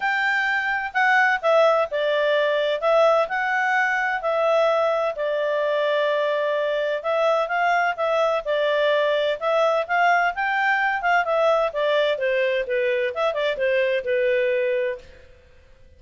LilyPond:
\new Staff \with { instrumentName = "clarinet" } { \time 4/4 \tempo 4 = 128 g''2 fis''4 e''4 | d''2 e''4 fis''4~ | fis''4 e''2 d''4~ | d''2. e''4 |
f''4 e''4 d''2 | e''4 f''4 g''4. f''8 | e''4 d''4 c''4 b'4 | e''8 d''8 c''4 b'2 | }